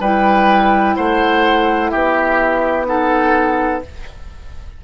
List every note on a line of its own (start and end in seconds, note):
0.00 0.95 G3
0.00 2.86 E4
0.00 0.96 B4
0.00 0.96 G5
0.96 1.93 A3
0.96 1.91 C5
0.96 1.90 F#5
1.90 3.84 B3
1.90 2.87 G4
1.90 2.85 E5
2.86 3.81 D#4
2.86 3.84 A4
2.86 3.82 F#5